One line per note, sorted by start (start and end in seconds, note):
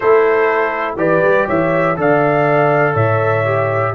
0.00 0.96 A3
0.00 0.97 E4
0.00 0.97 A4
0.00 0.94 C5
0.96 1.20 E3
0.96 1.95 G4
0.96 1.46 B4
0.96 1.47 D5
1.23 1.48 G3
1.46 1.97 E3
1.46 1.95 C#5
1.46 1.98 E5
1.97 2.94 D3
1.97 3.44 A4
1.97 2.94 D5
1.97 2.96 F5
2.94 3.93 A2
2.94 3.92 C#5
2.94 3.94 E5
3.44 3.93 G4